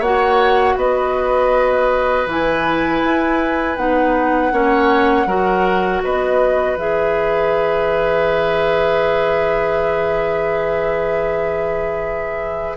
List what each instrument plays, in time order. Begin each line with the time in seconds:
0.00 bassoon A#3, clarinet F#4, oboe C#5, flute F#5
0.76 bassoon B3, oboe B4, flute D#5
2.27 bassoon E3, clarinet E4, flute G#5
3.04 bassoon E4
3.77 bassoon B3, clarinet D#4, flute F#5
4.52 bassoon A#3, clarinet C#4, oboe C#5
5.26 bassoon F#3, clarinet F#4, oboe A#4
6.03 bassoon B3, oboe B4, flute D#5
6.76 bassoon E3, clarinet G#4, flute E5